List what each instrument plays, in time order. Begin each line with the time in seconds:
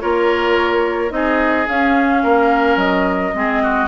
0.00 bassoon A#3, clarinet F4, oboe A#4, flute C#5
1.10 bassoon C4, clarinet D#4, oboe G#4, flute D#5
1.68 bassoon C#4, clarinet C#4, flute F5
2.23 bassoon A#3, oboe A#4
2.76 bassoon F#3, flute D#5
3.34 bassoon G#3, clarinet C4, oboe G#4
3.63 oboe F#4